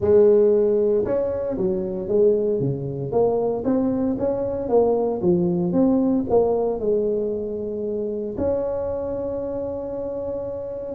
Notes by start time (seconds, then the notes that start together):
0.00 G#3
1.05 C#4
1.57 F#3
2.08 G#3
2.60 C#3
3.11 A#3
3.64 C4
4.18 C#4
4.68 A#3
5.21 F3
5.72 C4
6.29 A#3
6.79 G#3
8.37 C#4